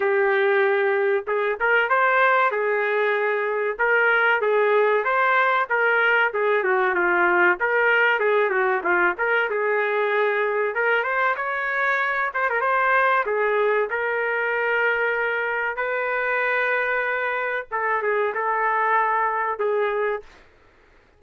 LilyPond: \new Staff \with { instrumentName = "trumpet" } { \time 4/4 \tempo 4 = 95 g'2 gis'8 ais'8 c''4 | gis'2 ais'4 gis'4 | c''4 ais'4 gis'8 fis'8 f'4 | ais'4 gis'8 fis'8 f'8 ais'8 gis'4~ |
gis'4 ais'8 c''8 cis''4. c''16 ais'16 | c''4 gis'4 ais'2~ | ais'4 b'2. | a'8 gis'8 a'2 gis'4 | }